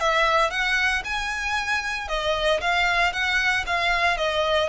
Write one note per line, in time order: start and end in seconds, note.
0.00 0.51 E5
0.51 1.03 F#5
1.05 2.08 G#5
2.08 2.60 D#5
2.61 3.13 F5
3.13 3.65 F#5
3.67 4.17 F5
4.17 4.69 D#5